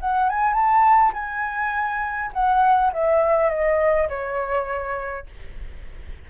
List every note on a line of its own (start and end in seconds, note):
0.00 0.29 F#5
0.29 0.53 G#5
0.53 1.12 A5
1.13 2.31 G#5
2.33 2.91 F#5
2.93 3.49 E5
3.49 4.08 D#5
4.08 5.26 C#5